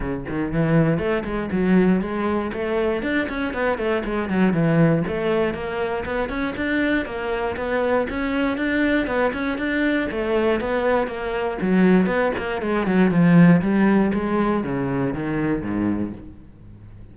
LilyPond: \new Staff \with { instrumentName = "cello" } { \time 4/4 \tempo 4 = 119 cis8 dis8 e4 a8 gis8 fis4 | gis4 a4 d'8 cis'8 b8 a8 | gis8 fis8 e4 a4 ais4 | b8 cis'8 d'4 ais4 b4 |
cis'4 d'4 b8 cis'8 d'4 | a4 b4 ais4 fis4 | b8 ais8 gis8 fis8 f4 g4 | gis4 cis4 dis4 gis,4 | }